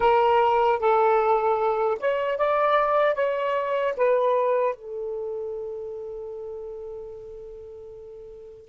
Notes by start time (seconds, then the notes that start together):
0.00 A#4
0.79 A4
2.00 C#5
2.37 D5
3.14 C#5
3.97 B4
4.75 A4